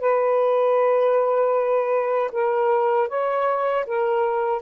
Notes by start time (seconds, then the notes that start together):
0.00 B4
2.32 A#4
3.08 C#5
3.87 A#4